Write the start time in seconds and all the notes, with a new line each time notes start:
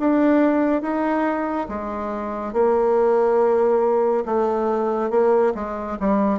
0.00 D4
0.82 D#4
1.69 G#3
2.54 A#3
4.26 A3
5.11 A#3
5.55 G#3
6.00 G3